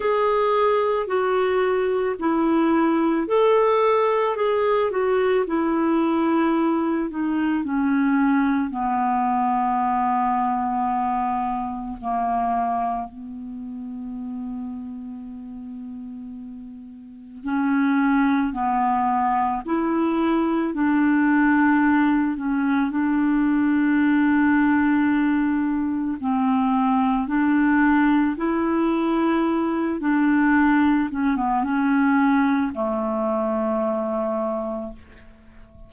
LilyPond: \new Staff \with { instrumentName = "clarinet" } { \time 4/4 \tempo 4 = 55 gis'4 fis'4 e'4 a'4 | gis'8 fis'8 e'4. dis'8 cis'4 | b2. ais4 | b1 |
cis'4 b4 e'4 d'4~ | d'8 cis'8 d'2. | c'4 d'4 e'4. d'8~ | d'8 cis'16 b16 cis'4 a2 | }